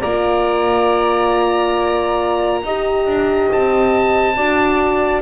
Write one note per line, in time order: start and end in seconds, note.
0.00 2.63 A#3
0.00 2.64 F4
0.00 2.61 D5
0.00 3.50 A#5
2.63 3.06 D#4
2.63 4.36 G4
2.63 4.35 D#5
3.06 3.49 D4
3.52 4.37 C4
3.52 5.22 A5
4.35 5.22 D4
4.35 5.22 F#4
4.35 5.22 D5